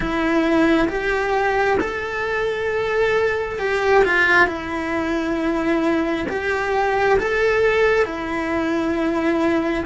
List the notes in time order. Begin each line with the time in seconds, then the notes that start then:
0.00 E4
0.88 G4
1.80 A4
3.59 G4
4.04 F4
4.47 E4
6.28 G4
7.19 A4
8.05 E4